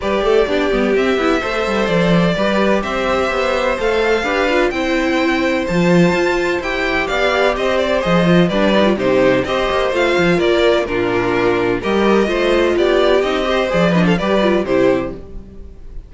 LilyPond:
<<
  \new Staff \with { instrumentName = "violin" } { \time 4/4 \tempo 4 = 127 d''2 e''2 | d''2 e''2 | f''2 g''2 | a''2 g''4 f''4 |
dis''8 d''8 dis''4 d''4 c''4 | dis''4 f''4 d''4 ais'4~ | ais'4 dis''2 d''4 | dis''4 d''8 dis''16 f''16 d''4 c''4 | }
  \new Staff \with { instrumentName = "violin" } { \time 4/4 b'8 a'8 g'2 c''4~ | c''4 b'4 c''2~ | c''4 b'4 c''2~ | c''2. d''4 |
c''2 b'4 g'4 | c''2 ais'4 f'4~ | f'4 ais'4 c''4 g'4~ | g'8 c''4 b'16 a'16 b'4 g'4 | }
  \new Staff \with { instrumentName = "viola" } { \time 4/4 g'4 d'8 b8 c'8 e'8 a'4~ | a'4 g'2. | a'4 g'8 f'8 e'2 | f'2 g'2~ |
g'4 gis'8 f'8 d'8 dis'16 f'16 dis'4 | g'4 f'2 d'4~ | d'4 g'4 f'2 | dis'8 g'8 gis'8 d'8 g'8 f'8 e'4 | }
  \new Staff \with { instrumentName = "cello" } { \time 4/4 g8 a8 b8 g8 c'8 b8 a8 g8 | f4 g4 c'4 b4 | a4 d'4 c'2 | f4 f'4 e'4 b4 |
c'4 f4 g4 c4 | c'8 ais8 a8 f8 ais4 ais,4~ | ais,4 g4 a4 b4 | c'4 f4 g4 c4 | }
>>